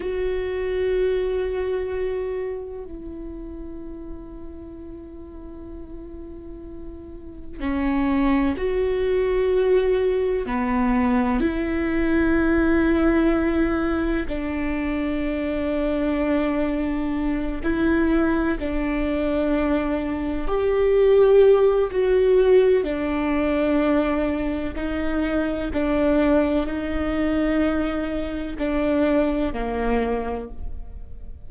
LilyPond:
\new Staff \with { instrumentName = "viola" } { \time 4/4 \tempo 4 = 63 fis'2. e'4~ | e'1 | cis'4 fis'2 b4 | e'2. d'4~ |
d'2~ d'8 e'4 d'8~ | d'4. g'4. fis'4 | d'2 dis'4 d'4 | dis'2 d'4 ais4 | }